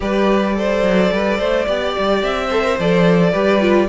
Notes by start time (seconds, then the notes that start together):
0.00 G3 G4 B4 D5
0.55 A4 C5
0.82 F#3
1.11 G3 B4
1.38 A3 C5
1.66 B3 G4 D5
1.98 G3
2.22 C4 E5
2.47 A4 C5
2.63 A#4
2.78 F3 A4 D5
3.31 G3 G4 B4
3.60 F4